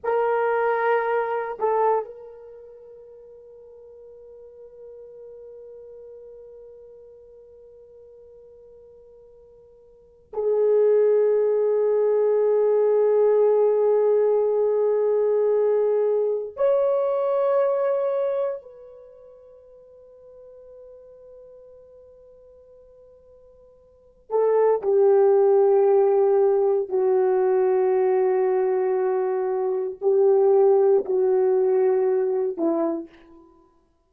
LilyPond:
\new Staff \with { instrumentName = "horn" } { \time 4/4 \tempo 4 = 58 ais'4. a'8 ais'2~ | ais'1~ | ais'2 gis'2~ | gis'1 |
cis''2 b'2~ | b'2.~ b'8 a'8 | g'2 fis'2~ | fis'4 g'4 fis'4. e'8 | }